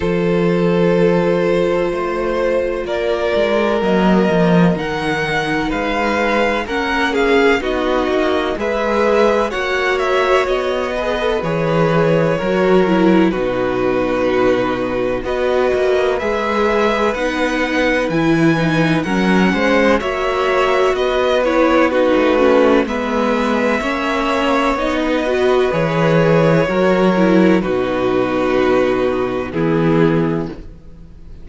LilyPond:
<<
  \new Staff \with { instrumentName = "violin" } { \time 4/4 \tempo 4 = 63 c''2. d''4 | dis''4 fis''4 f''4 fis''8 f''8 | dis''4 e''4 fis''8 e''8 dis''4 | cis''2 b'2 |
dis''4 e''4 fis''4 gis''4 | fis''4 e''4 dis''8 cis''8 b'4 | e''2 dis''4 cis''4~ | cis''4 b'2 gis'4 | }
  \new Staff \with { instrumentName = "violin" } { \time 4/4 a'2 c''4 ais'4~ | ais'2 b'4 ais'8 gis'8 | fis'4 b'4 cis''4. b'8~ | b'4 ais'4 fis'2 |
b'1 | ais'8 c''8 cis''4 b'4 fis'4 | b'4 cis''4~ cis''16 b'4.~ b'16 | ais'4 fis'2 e'4 | }
  \new Staff \with { instrumentName = "viola" } { \time 4/4 f'1 | ais4 dis'2 cis'4 | dis'4 gis'4 fis'4. gis'16 a'16 | gis'4 fis'8 e'8 dis'2 |
fis'4 gis'4 dis'4 e'8 dis'8 | cis'4 fis'4. e'8 dis'8 cis'8 | b4 cis'4 dis'8 fis'8 gis'4 | fis'8 e'8 dis'2 b4 | }
  \new Staff \with { instrumentName = "cello" } { \time 4/4 f2 a4 ais8 gis8 | fis8 f8 dis4 gis4 ais4 | b8 ais8 gis4 ais4 b4 | e4 fis4 b,2 |
b8 ais8 gis4 b4 e4 | fis8 gis8 ais4 b4~ b16 a8. | gis4 ais4 b4 e4 | fis4 b,2 e4 | }
>>